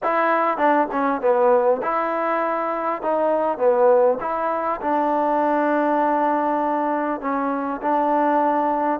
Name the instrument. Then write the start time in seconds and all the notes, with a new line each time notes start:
trombone
0.03 E4
0.57 D4
0.91 C#4
1.21 B3
1.82 E4
3.02 D#4
3.58 B3
4.20 E4
4.81 D4
7.21 C#4
7.82 D4